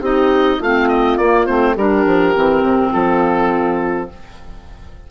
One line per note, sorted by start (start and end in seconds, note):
0.00 0.58 C4
0.00 0.60 D#4
0.00 0.58 G4
0.00 0.62 D#5
0.58 1.17 A3
0.58 1.19 C4
0.58 1.74 F4
0.58 0.88 F5
0.88 1.17 D#5
1.17 1.46 A#3
1.17 1.47 A#3
1.17 1.46 D5
1.46 1.76 A3
1.46 1.76 C4
1.46 1.75 C5
1.74 2.05 G3
1.74 2.34 D4
1.74 2.90 G4
1.74 2.93 A#4
2.05 2.34 F3
2.34 2.62 E3
2.34 4.09 C4
2.62 2.91 C3
2.92 4.10 F3
2.92 4.08 F4
2.92 4.09 A4